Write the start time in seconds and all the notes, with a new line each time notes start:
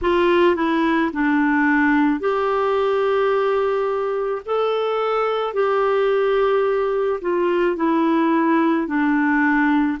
0.01 F4
0.56 E4
1.13 D4
2.19 G4
4.45 A4
5.53 G4
7.21 F4
7.76 E4
8.87 D4